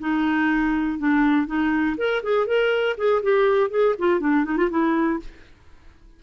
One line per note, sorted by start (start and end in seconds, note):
0.00 0.99 D#4
0.99 1.47 D4
1.47 1.96 D#4
1.98 2.22 A#4
2.23 2.47 G#4
2.47 2.96 A#4
2.98 3.22 G#4
3.23 3.70 G4
3.70 3.95 G#4
3.98 4.20 F4
4.20 4.45 D4
4.45 4.57 D#4
4.57 4.69 F4
4.70 5.20 E4